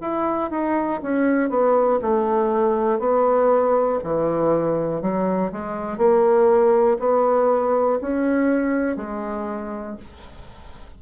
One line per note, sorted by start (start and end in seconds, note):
0.00 0.50 E4
0.50 1.00 D#4
1.02 1.50 C#4
1.50 2.00 B3
2.01 2.99 A3
2.99 3.99 B3
4.03 5.01 E3
5.01 5.51 F#3
5.51 5.97 G#3
5.97 6.97 A#3
6.99 7.99 B3
8.01 8.96 C#4
8.96 9.96 G#3